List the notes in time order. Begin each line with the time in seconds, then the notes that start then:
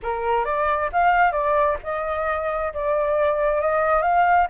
0.02 A#4
0.44 D5
0.92 F5
1.31 D5
1.83 D#5
2.73 D5
3.61 D#5
4.02 F5